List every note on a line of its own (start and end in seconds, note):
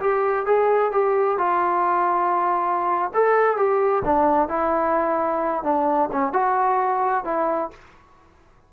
0.00 0.46 G4
0.46 0.92 G#4
0.92 1.38 G4
1.38 3.11 F4
3.14 3.57 A4
3.57 4.03 G4
4.05 4.49 D4
4.49 5.63 E4
5.63 6.10 D4
6.12 6.33 C#4
6.33 7.24 F#4
7.24 7.71 E4